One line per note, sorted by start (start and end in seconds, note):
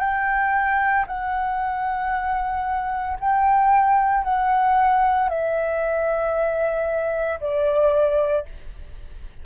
0.00 1.05 G5
1.07 3.18 F#5
3.20 4.24 G5
4.24 5.29 F#5
5.29 7.40 E5
7.41 8.46 D5